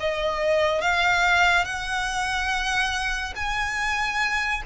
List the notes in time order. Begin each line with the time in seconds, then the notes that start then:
0.00 D#5
0.81 F5
1.65 F#5
3.36 G#5